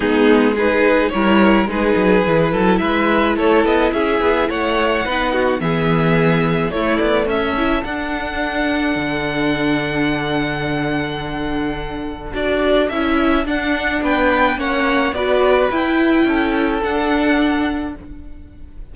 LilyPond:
<<
  \new Staff \with { instrumentName = "violin" } { \time 4/4 \tempo 4 = 107 gis'4 b'4 cis''4 b'4~ | b'4 e''4 cis''8 dis''8 e''4 | fis''2 e''2 | cis''8 d''8 e''4 fis''2~ |
fis''1~ | fis''2 d''4 e''4 | fis''4 g''4 fis''4 d''4 | g''2 fis''2 | }
  \new Staff \with { instrumentName = "violin" } { \time 4/4 dis'4 gis'4 ais'4 gis'4~ | gis'8 a'8 b'4 a'4 gis'4 | cis''4 b'8 fis'8 gis'2 | e'4 a'2.~ |
a'1~ | a'1~ | a'4 b'4 cis''4 b'4~ | b'4 a'2. | }
  \new Staff \with { instrumentName = "viola" } { \time 4/4 b4 dis'4 e'4 dis'4 | e'1~ | e'4 dis'4 b2 | a4. e'8 d'2~ |
d'1~ | d'2 fis'4 e'4 | d'2 cis'4 fis'4 | e'2 d'2 | }
  \new Staff \with { instrumentName = "cello" } { \time 4/4 gis2 g4 gis8 fis8 | e8 fis8 gis4 a8 b8 cis'8 b8 | a4 b4 e2 | a8 b8 cis'4 d'2 |
d1~ | d2 d'4 cis'4 | d'4 b4 ais4 b4 | e'4 cis'4 d'2 | }
>>